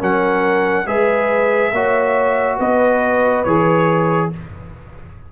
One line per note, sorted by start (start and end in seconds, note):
0.00 0.87 F#3
0.00 0.86 C#4
0.00 0.86 A#4
0.00 0.87 F#5
0.87 1.73 G#3
0.87 1.73 G#4
0.87 1.74 B4
0.87 2.59 E5
1.73 2.59 A#3
1.73 3.46 F#4
1.73 2.58 C#5
2.58 3.45 B3
2.58 4.30 B4
2.58 3.44 D#5
3.44 4.32 E3
3.44 4.33 G#4
3.44 4.30 C#5